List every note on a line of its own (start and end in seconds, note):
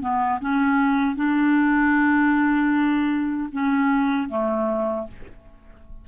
0.00 0.39 B3
0.40 1.15 C#4
1.15 3.49 D4
3.52 4.29 C#4
4.29 5.06 A3